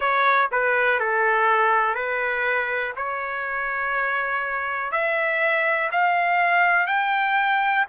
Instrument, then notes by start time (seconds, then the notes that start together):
trumpet
0.00 C#5
0.51 B4
0.99 A4
1.94 B4
2.96 C#5
4.91 E5
5.91 F5
6.86 G5